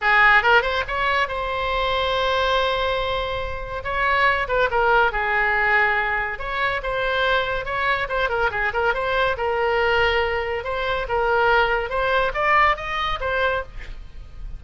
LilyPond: \new Staff \with { instrumentName = "oboe" } { \time 4/4 \tempo 4 = 141 gis'4 ais'8 c''8 cis''4 c''4~ | c''1~ | c''4 cis''4. b'8 ais'4 | gis'2. cis''4 |
c''2 cis''4 c''8 ais'8 | gis'8 ais'8 c''4 ais'2~ | ais'4 c''4 ais'2 | c''4 d''4 dis''4 c''4 | }